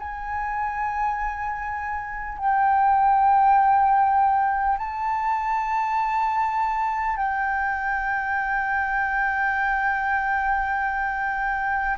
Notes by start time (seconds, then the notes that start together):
0.00 G#5
2.38 G5
4.78 A5
7.17 G5